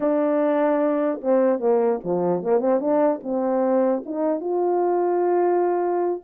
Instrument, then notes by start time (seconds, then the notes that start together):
horn
0.00 D4
1.21 C4
1.59 A#3
2.04 F3
2.42 A#3
2.59 C4
2.80 D4
3.23 C4
4.05 D#4
4.40 F4